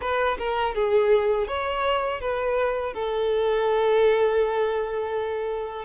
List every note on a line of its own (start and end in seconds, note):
0.01 0.37 B4
0.38 0.75 A#4
0.75 1.47 G#4
1.47 2.20 C#5
2.21 2.93 B4
2.93 5.85 A4